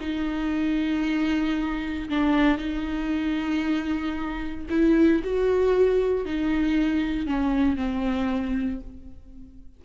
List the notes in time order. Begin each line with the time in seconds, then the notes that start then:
0.00 D#4
2.09 D4
2.58 D#4
4.70 E4
5.23 F#4
6.25 D#4
7.27 C#4
7.76 C4